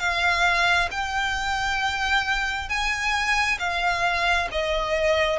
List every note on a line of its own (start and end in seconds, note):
0.00 0.90 F5
0.91 2.69 G5
2.69 3.59 G#5
3.59 4.49 F5
4.51 5.39 D#5